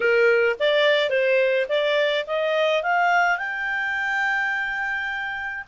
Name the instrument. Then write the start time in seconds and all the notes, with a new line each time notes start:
clarinet
0.00 A#4
0.59 D5
1.10 C5
1.68 D5
2.26 D#5
2.82 F5
3.38 G5